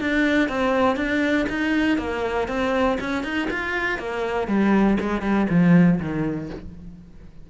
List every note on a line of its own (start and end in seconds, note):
0.00 0.48 D4
0.48 0.96 C4
0.96 1.46 D4
1.49 1.98 D#4
1.98 2.48 A#3
2.48 2.98 C4
3.00 3.23 C#4
3.23 3.48 D#4
3.50 3.98 F4
3.98 4.47 A#3
4.47 4.97 G3
5.00 5.22 G#3
5.22 5.47 G3
5.49 5.99 F3
6.00 6.50 D#3